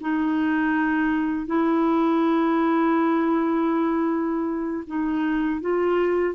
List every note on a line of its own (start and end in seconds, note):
0.00 1.46 D#4
1.46 4.83 E4
4.86 5.60 D#4
5.60 6.34 F4